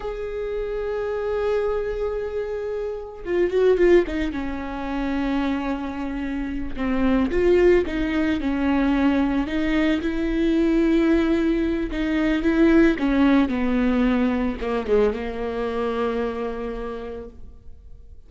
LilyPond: \new Staff \with { instrumentName = "viola" } { \time 4/4 \tempo 4 = 111 gis'1~ | gis'2 f'8 fis'8 f'8 dis'8 | cis'1~ | cis'8 c'4 f'4 dis'4 cis'8~ |
cis'4. dis'4 e'4.~ | e'2 dis'4 e'4 | cis'4 b2 ais8 gis8 | ais1 | }